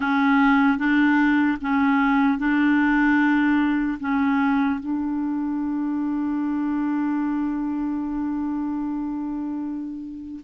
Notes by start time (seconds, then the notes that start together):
0.00 C#4
0.78 D4
1.61 C#4
2.38 D4
4.00 C#4
4.80 D4